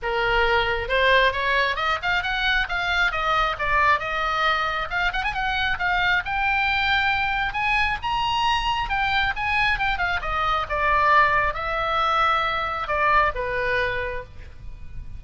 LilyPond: \new Staff \with { instrumentName = "oboe" } { \time 4/4 \tempo 4 = 135 ais'2 c''4 cis''4 | dis''8 f''8 fis''4 f''4 dis''4 | d''4 dis''2 f''8 fis''16 gis''16 | fis''4 f''4 g''2~ |
g''4 gis''4 ais''2 | g''4 gis''4 g''8 f''8 dis''4 | d''2 e''2~ | e''4 d''4 b'2 | }